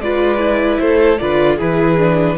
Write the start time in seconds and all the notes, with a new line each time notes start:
0.00 G#3 F4 B4 D5
0.38 E4
0.79 A3 A4 C5
1.19 D3 F4 B4 D5
1.57 E3 E4 G#4 B4
1.99 D4